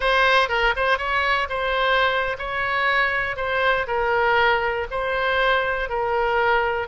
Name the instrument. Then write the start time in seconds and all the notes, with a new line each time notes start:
oboe
0.00 C5
0.49 A#4
0.76 C5
0.97 C#5
1.49 C5
2.38 C#5
3.36 C5
3.87 A#4
4.90 C5
5.89 A#4